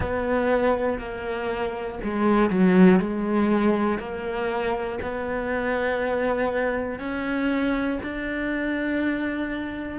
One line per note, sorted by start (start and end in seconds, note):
0.00 0.99 B3
0.99 1.99 A#3
2.03 2.50 G#3
2.50 2.99 F#3
2.99 3.99 G#3
3.99 4.99 A#3
5.02 6.99 B3
6.99 7.99 C#4
8.03 9.99 D4